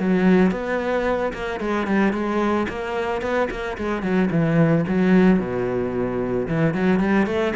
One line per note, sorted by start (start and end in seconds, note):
0.00 0.52 F#3
0.52 1.33 B3
1.34 1.60 A#3
1.60 1.87 G#3
1.87 2.13 G3
2.13 2.67 G#3
2.69 3.22 A#3
3.22 3.49 B3
3.51 3.78 A#3
3.78 4.02 G#3
4.02 4.29 F#3
4.31 4.85 E3
4.88 5.40 F#3
5.40 6.48 B2
6.48 6.74 E3
6.74 7.00 F#3
7.00 7.27 G3
7.27 7.54 A3